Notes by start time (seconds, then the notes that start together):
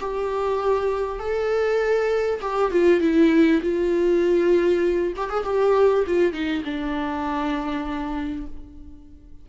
0.00 G4
1.19 A4
2.42 G4
2.72 F4
3.01 E4
3.62 F4
5.17 G4
5.30 G#4
5.44 G4
6.07 F4
6.33 D#4
6.64 D4